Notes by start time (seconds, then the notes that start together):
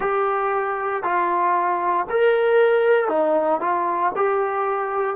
0.00 G4
1.03 F4
2.09 A#4
3.08 D#4
3.60 F4
4.16 G4